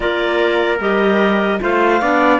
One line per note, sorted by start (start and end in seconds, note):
0.00 0.79 A#3
0.00 0.78 F4
0.00 1.61 A#4
0.00 0.78 D5
0.79 1.59 G3
0.79 1.59 G4
0.79 1.61 D#5
1.59 2.01 A3
1.59 1.99 F4
1.59 2.01 C5
1.59 2.40 F5
2.01 2.40 B3
2.01 2.40 D4
2.01 2.40 D5